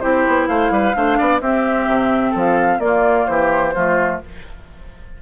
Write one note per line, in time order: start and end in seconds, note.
0.00 0.27 C4
0.00 0.94 E4
0.00 0.49 G4
0.00 0.47 C5
0.27 0.48 B3
0.47 0.70 A3
0.47 0.72 C5
0.47 1.40 F5
0.70 0.94 G3
0.70 0.96 B4
0.94 1.19 A3
0.94 1.41 D4
0.94 1.18 C5
1.18 1.41 B3
1.18 1.41 D5
1.41 1.87 C4
1.41 2.82 C4
1.41 2.31 G4
1.41 2.34 E5
1.88 2.34 C3
2.31 2.79 F3
2.31 2.77 A4
2.39 2.80 F5
2.79 3.25 A#3
2.79 3.75 A#3
2.79 3.30 F4
2.79 3.26 D5
3.26 3.75 E3
3.26 3.75 G4
3.26 4.19 C5
3.75 4.22 F3
3.75 4.22 A3
3.75 4.21 F4